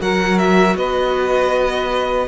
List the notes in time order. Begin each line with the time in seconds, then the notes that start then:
0.00 F#3 F#4 A#4 F#5
0.38 E5
0.75 B3 B4 D#5